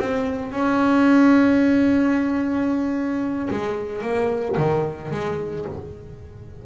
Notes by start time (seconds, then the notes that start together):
0.00 C4
0.52 C#4
3.51 G#3
4.02 A#3
4.57 D#3
5.12 G#3